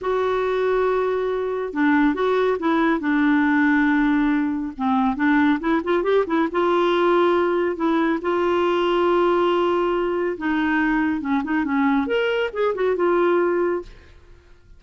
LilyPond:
\new Staff \with { instrumentName = "clarinet" } { \time 4/4 \tempo 4 = 139 fis'1 | d'4 fis'4 e'4 d'4~ | d'2. c'4 | d'4 e'8 f'8 g'8 e'8 f'4~ |
f'2 e'4 f'4~ | f'1 | dis'2 cis'8 dis'8 cis'4 | ais'4 gis'8 fis'8 f'2 | }